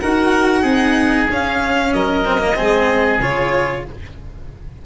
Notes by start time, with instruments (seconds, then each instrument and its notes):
0.00 tuba D#4, cello F#4, oboe A#4, violin F#5
0.62 tuba C4, cello D#4, oboe G#4
1.30 tuba C#4, cello C#4, violin F5
1.93 tuba F#3, oboe A#4, violin D#5
2.26 cello C4
2.39 cello A#3
2.56 tuba G#3, cello C4, oboe G#4
3.19 tuba C#3, cello F4, violin C#5